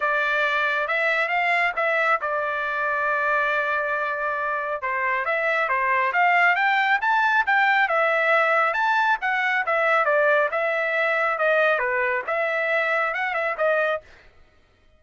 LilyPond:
\new Staff \with { instrumentName = "trumpet" } { \time 4/4 \tempo 4 = 137 d''2 e''4 f''4 | e''4 d''2.~ | d''2. c''4 | e''4 c''4 f''4 g''4 |
a''4 g''4 e''2 | a''4 fis''4 e''4 d''4 | e''2 dis''4 b'4 | e''2 fis''8 e''8 dis''4 | }